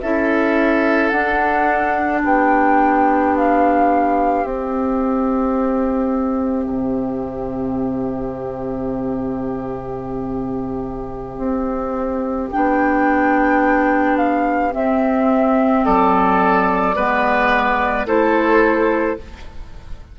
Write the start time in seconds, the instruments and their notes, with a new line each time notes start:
0.00 bassoon C#4, clarinet E4, oboe A4, flute E5
1.09 bassoon D4, clarinet D4, flute F#5
2.21 bassoon B3, oboe G4, flute G5
3.36 flute F5
4.44 bassoon C4, clarinet C4, flute E5
6.67 bassoon C3
11.37 bassoon C4
12.51 bassoon B3, clarinet D4, flute G5
14.17 flute F5
14.71 clarinet C4, bassoon C4, flute E5
15.84 bassoon F#3, oboe A4, flute D5
16.95 bassoon G#3, clarinet B3, oboe B4
18.05 bassoon A3, clarinet E4, oboe A4, flute C5